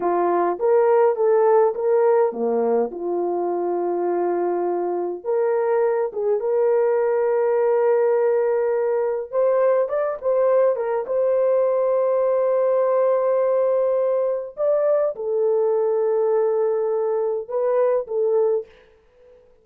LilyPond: \new Staff \with { instrumentName = "horn" } { \time 4/4 \tempo 4 = 103 f'4 ais'4 a'4 ais'4 | ais4 f'2.~ | f'4 ais'4. gis'8 ais'4~ | ais'1 |
c''4 d''8 c''4 ais'8 c''4~ | c''1~ | c''4 d''4 a'2~ | a'2 b'4 a'4 | }